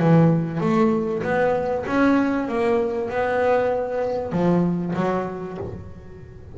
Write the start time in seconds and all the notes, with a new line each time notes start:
0.00 E3
0.60 A3
1.23 B3
1.87 C#4
2.48 A#3
3.10 B3
4.32 F3
4.96 F#3